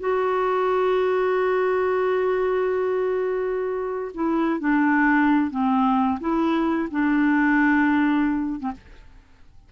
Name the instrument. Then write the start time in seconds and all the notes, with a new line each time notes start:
clarinet
0.00 F#4
4.15 E4
4.61 D4
5.51 C4
6.21 E4
6.91 D4
8.60 C4